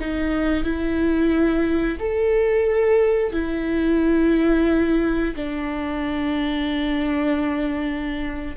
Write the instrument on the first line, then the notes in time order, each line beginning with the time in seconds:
viola
0.00 D#4
0.64 E4
1.99 A4
3.32 E4
5.36 D4